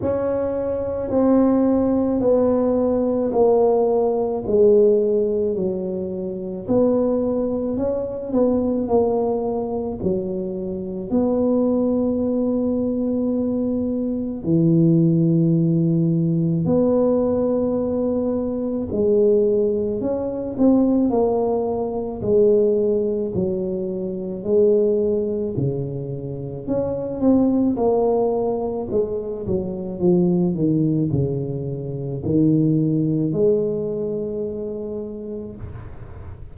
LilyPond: \new Staff \with { instrumentName = "tuba" } { \time 4/4 \tempo 4 = 54 cis'4 c'4 b4 ais4 | gis4 fis4 b4 cis'8 b8 | ais4 fis4 b2~ | b4 e2 b4~ |
b4 gis4 cis'8 c'8 ais4 | gis4 fis4 gis4 cis4 | cis'8 c'8 ais4 gis8 fis8 f8 dis8 | cis4 dis4 gis2 | }